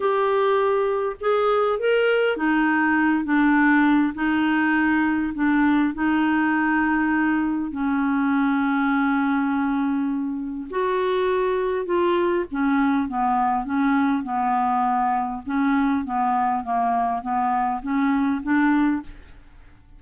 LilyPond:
\new Staff \with { instrumentName = "clarinet" } { \time 4/4 \tempo 4 = 101 g'2 gis'4 ais'4 | dis'4. d'4. dis'4~ | dis'4 d'4 dis'2~ | dis'4 cis'2.~ |
cis'2 fis'2 | f'4 cis'4 b4 cis'4 | b2 cis'4 b4 | ais4 b4 cis'4 d'4 | }